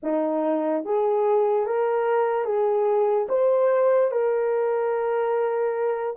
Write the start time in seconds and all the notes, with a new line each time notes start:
0.02 D#4
0.84 G#4
1.66 A#4
2.44 G#4
3.29 C5
4.11 A#4